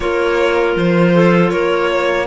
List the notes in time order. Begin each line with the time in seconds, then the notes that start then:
0.00 A#3 F4 A#4 C#5
0.76 F3 C5
1.14 A4
1.50 A#3 A#4 C#5
1.92 C#5